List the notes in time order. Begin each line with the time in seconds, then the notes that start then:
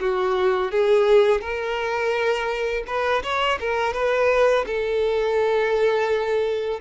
0.00 F#4
0.71 G#4
1.41 A#4
2.87 B4
3.23 C#5
3.60 A#4
3.93 B4
4.66 A4